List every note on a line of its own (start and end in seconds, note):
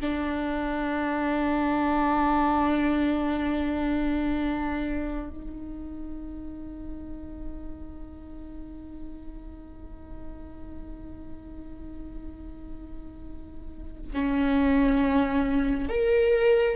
0.00 5.29 D4
5.29 14.12 D#4
14.12 15.89 C#4
15.89 16.76 A#4